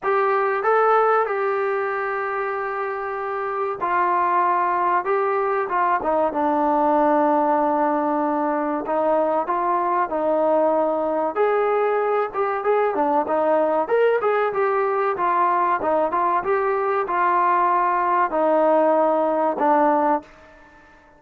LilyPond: \new Staff \with { instrumentName = "trombone" } { \time 4/4 \tempo 4 = 95 g'4 a'4 g'2~ | g'2 f'2 | g'4 f'8 dis'8 d'2~ | d'2 dis'4 f'4 |
dis'2 gis'4. g'8 | gis'8 d'8 dis'4 ais'8 gis'8 g'4 | f'4 dis'8 f'8 g'4 f'4~ | f'4 dis'2 d'4 | }